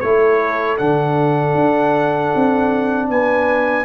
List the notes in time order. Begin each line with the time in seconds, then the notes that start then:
0.00 A3 E4 A4 C#5
0.78 D3 D4 F#5
1.55 D4
2.35 C4
3.09 B3 B4 G#5